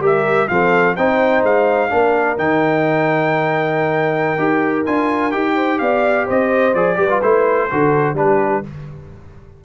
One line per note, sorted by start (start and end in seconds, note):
0.00 0.47 G3
0.00 0.49 G4
0.00 0.49 A#4
0.06 0.48 E5
0.48 0.97 F3
0.48 0.97 C4
0.48 0.96 A4
0.48 0.96 F5
0.96 1.43 C4
0.96 1.90 D#4
0.96 1.91 C5
0.96 1.44 G5
1.43 1.91 G#3
1.43 2.38 F5
1.90 2.39 A#3
1.90 2.37 D4
1.90 5.55 A#4
2.38 4.38 D#3
2.38 4.39 D#4
2.38 4.86 G5
4.38 4.86 D#4
4.38 4.86 G4
4.86 5.33 D4
4.86 5.32 F4
4.86 5.32 G#5
5.32 5.81 D#4
5.32 6.74 G4
5.32 5.79 G5
5.55 5.79 C5
5.79 6.28 B3
5.79 6.27 D5
5.79 6.27 F5
6.27 6.75 C4
6.27 6.98 C5
6.27 6.75 D#5
6.75 6.98 F3
6.75 6.96 G#4
6.75 7.22 D5
6.96 7.21 G3
6.96 7.08 G4
6.96 7.69 B4
7.10 7.22 F4
7.23 7.71 A3
7.23 7.71 E4
7.23 8.17 C5
7.71 8.14 D3
7.71 8.16 F#4
7.71 8.17 A4
8.14 8.61 G3
8.14 8.63 D4
8.14 8.64 G4
8.14 8.65 B4